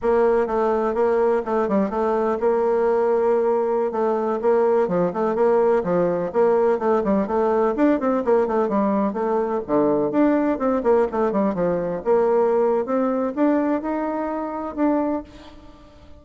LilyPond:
\new Staff \with { instrumentName = "bassoon" } { \time 4/4 \tempo 4 = 126 ais4 a4 ais4 a8 g8 | a4 ais2.~ | ais16 a4 ais4 f8 a8 ais8.~ | ais16 f4 ais4 a8 g8 a8.~ |
a16 d'8 c'8 ais8 a8 g4 a8.~ | a16 d4 d'4 c'8 ais8 a8 g16~ | g16 f4 ais4.~ ais16 c'4 | d'4 dis'2 d'4 | }